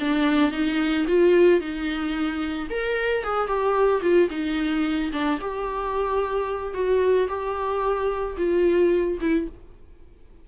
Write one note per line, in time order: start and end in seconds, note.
0.00 0.52 D4
0.52 1.06 D#4
1.07 1.60 F4
1.60 2.68 D#4
2.70 3.23 A#4
3.23 3.47 G#4
3.47 4.01 G4
4.02 4.29 F4
4.30 5.11 D#4
5.13 5.40 D4
5.41 6.74 G4
6.74 7.28 F#4
7.28 8.36 G4
8.37 9.18 F4
9.21 9.48 E4